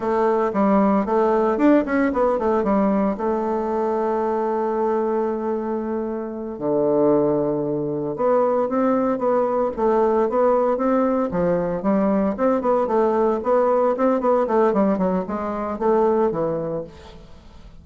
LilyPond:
\new Staff \with { instrumentName = "bassoon" } { \time 4/4 \tempo 4 = 114 a4 g4 a4 d'8 cis'8 | b8 a8 g4 a2~ | a1~ | a8 d2. b8~ |
b8 c'4 b4 a4 b8~ | b8 c'4 f4 g4 c'8 | b8 a4 b4 c'8 b8 a8 | g8 fis8 gis4 a4 e4 | }